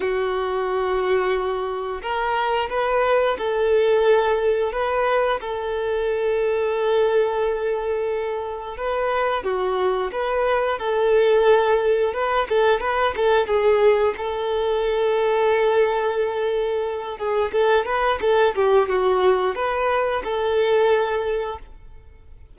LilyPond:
\new Staff \with { instrumentName = "violin" } { \time 4/4 \tempo 4 = 89 fis'2. ais'4 | b'4 a'2 b'4 | a'1~ | a'4 b'4 fis'4 b'4 |
a'2 b'8 a'8 b'8 a'8 | gis'4 a'2.~ | a'4. gis'8 a'8 b'8 a'8 g'8 | fis'4 b'4 a'2 | }